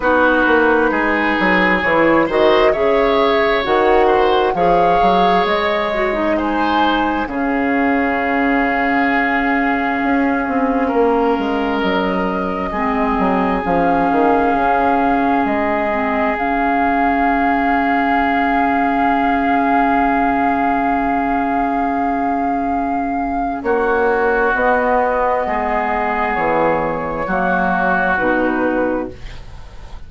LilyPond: <<
  \new Staff \with { instrumentName = "flute" } { \time 4/4 \tempo 4 = 66 b'2 cis''8 dis''8 e''4 | fis''4 f''4 dis''4 gis''4 | f''1~ | f''4 dis''2 f''4~ |
f''4 dis''4 f''2~ | f''1~ | f''2 cis''4 dis''4~ | dis''4 cis''2 b'4 | }
  \new Staff \with { instrumentName = "oboe" } { \time 4/4 fis'4 gis'4. c''8 cis''4~ | cis''8 c''8 cis''2 c''4 | gis'1 | ais'2 gis'2~ |
gis'1~ | gis'1~ | gis'2 fis'2 | gis'2 fis'2 | }
  \new Staff \with { instrumentName = "clarinet" } { \time 4/4 dis'2 e'8 fis'8 gis'4 | fis'4 gis'4. fis'16 dis'4~ dis'16 | cis'1~ | cis'2 c'4 cis'4~ |
cis'4. c'8 cis'2~ | cis'1~ | cis'2. b4~ | b2 ais4 dis'4 | }
  \new Staff \with { instrumentName = "bassoon" } { \time 4/4 b8 ais8 gis8 fis8 e8 dis8 cis4 | dis4 f8 fis8 gis2 | cis2. cis'8 c'8 | ais8 gis8 fis4 gis8 fis8 f8 dis8 |
cis4 gis4 cis2~ | cis1~ | cis2 ais4 b4 | gis4 e4 fis4 b,4 | }
>>